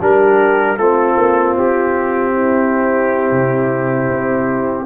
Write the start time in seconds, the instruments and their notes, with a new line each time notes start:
0.00 tuba G3, trombone D4, horn G4, trumpet A#4
0.77 tuba A3, trombone C4, horn F4, trumpet A4
1.17 tuba A#3
1.57 tuba C4, trumpet G4
2.32 horn E4
3.31 tuba C3
4.10 tuba C4